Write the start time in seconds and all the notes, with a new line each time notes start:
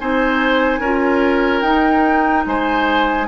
0.00 C4 D#4 C5 G#5
0.79 C#4 F4 A#4
1.62 D#4 G5
2.46 G#3 C5 G#5